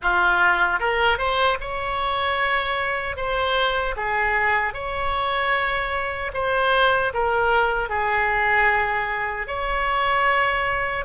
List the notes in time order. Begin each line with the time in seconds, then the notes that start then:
0.01 F4
0.79 A#4
1.18 C5
1.60 C#5
3.16 C5
3.96 G#4
4.73 C#5
6.33 C5
7.13 A#4
7.89 G#4
9.47 C#5